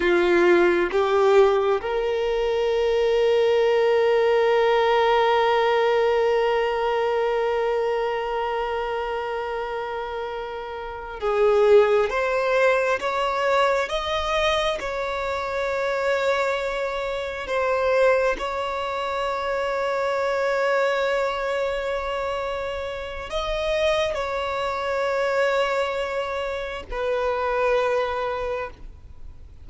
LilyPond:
\new Staff \with { instrumentName = "violin" } { \time 4/4 \tempo 4 = 67 f'4 g'4 ais'2~ | ais'1~ | ais'1~ | ais'8 gis'4 c''4 cis''4 dis''8~ |
dis''8 cis''2. c''8~ | c''8 cis''2.~ cis''8~ | cis''2 dis''4 cis''4~ | cis''2 b'2 | }